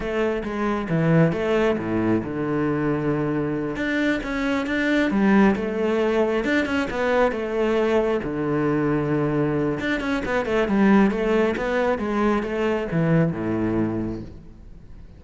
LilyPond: \new Staff \with { instrumentName = "cello" } { \time 4/4 \tempo 4 = 135 a4 gis4 e4 a4 | a,4 d2.~ | d8 d'4 cis'4 d'4 g8~ | g8 a2 d'8 cis'8 b8~ |
b8 a2 d4.~ | d2 d'8 cis'8 b8 a8 | g4 a4 b4 gis4 | a4 e4 a,2 | }